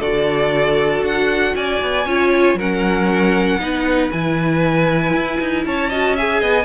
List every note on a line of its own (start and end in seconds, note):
0.00 1.02 D3
0.00 2.07 F#4
0.00 1.54 A4
0.00 1.04 D5
1.02 1.54 D4
1.02 1.56 F#5
1.56 1.81 C#4
1.56 2.07 D5
1.56 2.58 G#5
1.82 2.06 B3
2.06 2.55 C#4
2.06 2.59 F4
2.06 2.57 C#5
2.55 3.57 F#3
2.55 3.60 C#4
2.55 3.60 A#4
2.55 4.11 F#5
3.59 4.10 B3
3.59 4.12 D#4
3.59 5.65 B4
4.11 5.14 E3
4.11 5.92 E4
4.11 5.65 G#5
5.14 5.39 E4
5.41 5.66 D#4
5.66 6.42 C#4
5.66 5.90 C#5
5.66 6.17 A5
5.90 6.18 F#4
5.90 6.15 D#5
6.15 6.65 G#4
6.15 6.41 E5
6.15 6.65 G#5
6.41 6.65 B3
6.41 6.65 D#5